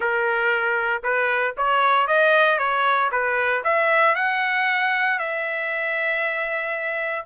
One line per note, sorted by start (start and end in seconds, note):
0.00 1.02 A#4
1.03 1.54 B4
1.57 2.07 C#5
2.07 2.58 D#5
2.58 3.10 C#5
3.11 3.63 B4
3.64 4.15 E5
4.15 5.18 F#5
5.18 7.25 E5